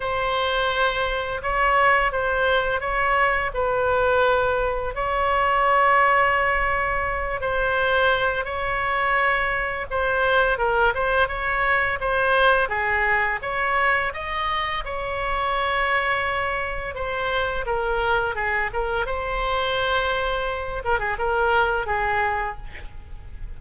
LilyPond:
\new Staff \with { instrumentName = "oboe" } { \time 4/4 \tempo 4 = 85 c''2 cis''4 c''4 | cis''4 b'2 cis''4~ | cis''2~ cis''8 c''4. | cis''2 c''4 ais'8 c''8 |
cis''4 c''4 gis'4 cis''4 | dis''4 cis''2. | c''4 ais'4 gis'8 ais'8 c''4~ | c''4. ais'16 gis'16 ais'4 gis'4 | }